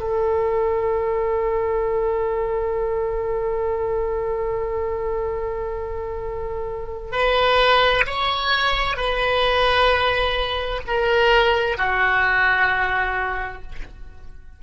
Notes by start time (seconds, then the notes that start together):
0.00 A4
7.12 B4
8.06 C#5
8.97 B4
10.87 A#4
11.78 F#4